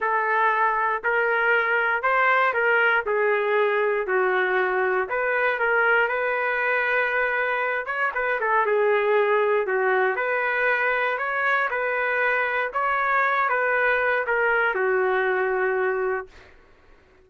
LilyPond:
\new Staff \with { instrumentName = "trumpet" } { \time 4/4 \tempo 4 = 118 a'2 ais'2 | c''4 ais'4 gis'2 | fis'2 b'4 ais'4 | b'2.~ b'8 cis''8 |
b'8 a'8 gis'2 fis'4 | b'2 cis''4 b'4~ | b'4 cis''4. b'4. | ais'4 fis'2. | }